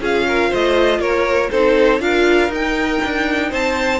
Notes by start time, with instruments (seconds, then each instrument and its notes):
0.00 cello C#4, viola F4, violin G#4 F5
0.28 violin A#4
0.49 cello A3, violin C5 D#5
0.99 cello A#3, violin A#4 C#5
1.50 cello C4, viola D#4, violin A4 C5
1.99 cello D4, viola F4, violin A#4 F5
2.49 cello D#4, viola D#4, violin G5
3.04 cello D4
3.49 cello C4, violin C5 A5